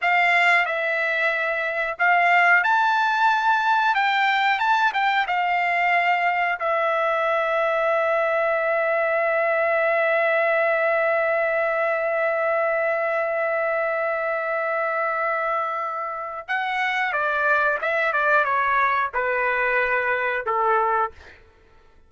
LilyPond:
\new Staff \with { instrumentName = "trumpet" } { \time 4/4 \tempo 4 = 91 f''4 e''2 f''4 | a''2 g''4 a''8 g''8 | f''2 e''2~ | e''1~ |
e''1~ | e''1~ | e''4 fis''4 d''4 e''8 d''8 | cis''4 b'2 a'4 | }